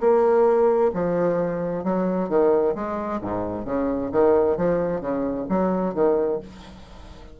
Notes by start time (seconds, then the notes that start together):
0.00 A#3
0.94 F3
1.84 F#3
2.29 D#3
2.75 G#3
3.21 G#2
3.65 C#3
4.12 D#3
4.57 F3
5.00 C#3
5.49 F#3
5.94 D#3